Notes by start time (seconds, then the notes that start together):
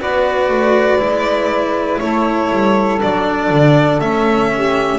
0.00 B3 F#4 B4 D5
0.49 A3
0.98 G#3 E4
1.99 A3 A4 C#5
2.51 G3
3.01 F#3 D4 D5
3.50 D3
3.99 A3 C#4 E5
4.52 G4